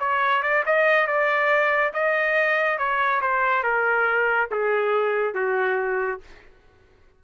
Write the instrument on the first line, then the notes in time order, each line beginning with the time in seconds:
trumpet
0.00 C#5
0.43 D5
0.66 D#5
1.07 D5
1.94 D#5
2.78 C#5
3.22 C5
3.64 A#4
4.51 G#4
5.35 F#4